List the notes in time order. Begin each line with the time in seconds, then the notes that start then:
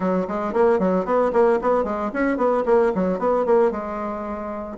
0.00 F#3
0.27 G#3
0.53 A#3
0.79 F#3
1.05 B3
1.32 A#3
1.61 B3
1.84 G#3
2.13 C#4
2.37 B3
2.65 A#3
2.94 F#3
3.19 B3
3.45 A#3
3.71 G#3